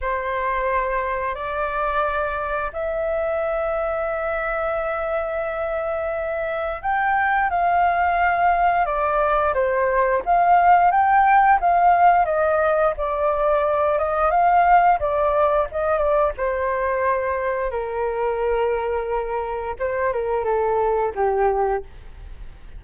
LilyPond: \new Staff \with { instrumentName = "flute" } { \time 4/4 \tempo 4 = 88 c''2 d''2 | e''1~ | e''2 g''4 f''4~ | f''4 d''4 c''4 f''4 |
g''4 f''4 dis''4 d''4~ | d''8 dis''8 f''4 d''4 dis''8 d''8 | c''2 ais'2~ | ais'4 c''8 ais'8 a'4 g'4 | }